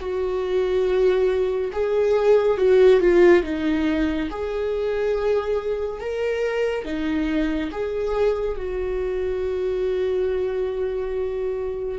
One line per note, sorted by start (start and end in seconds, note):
0.00 1.71 F#4
1.73 2.58 G#4
2.58 3.01 F#4
3.01 3.44 F4
3.44 4.29 D#4
4.31 6.01 G#4
6.01 6.85 A#4
6.85 7.71 D#4
7.72 8.57 G#4
8.57 11.99 F#4